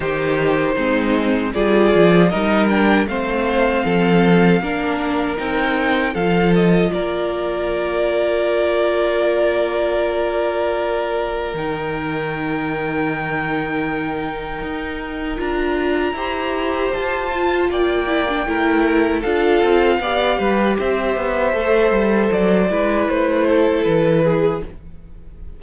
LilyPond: <<
  \new Staff \with { instrumentName = "violin" } { \time 4/4 \tempo 4 = 78 c''2 d''4 dis''8 g''8 | f''2. g''4 | f''8 dis''8 d''2.~ | d''2. g''4~ |
g''1 | ais''2 a''4 g''4~ | g''4 f''2 e''4~ | e''4 d''4 c''4 b'4 | }
  \new Staff \with { instrumentName = "violin" } { \time 4/4 g'4 dis'4 gis'4 ais'4 | c''4 a'4 ais'2 | a'4 ais'2.~ | ais'1~ |
ais'1~ | ais'4 c''2 d''4 | ais'4 a'4 d''8 b'8 c''4~ | c''4. b'4 a'4 gis'8 | }
  \new Staff \with { instrumentName = "viola" } { \time 4/4 dis'4 c'4 f'4 dis'8 d'8 | c'2 d'4 dis'4 | f'1~ | f'2. dis'4~ |
dis'1 | f'4 g'4. f'4 e'16 d'16 | e'4 f'4 g'2 | a'4. e'2~ e'8 | }
  \new Staff \with { instrumentName = "cello" } { \time 4/4 dis4 gis4 g8 f8 g4 | a4 f4 ais4 c'4 | f4 ais2.~ | ais2. dis4~ |
dis2. dis'4 | d'4 e'4 f'4 ais4 | a4 d'8 c'8 b8 g8 c'8 b8 | a8 g8 fis8 gis8 a4 e4 | }
>>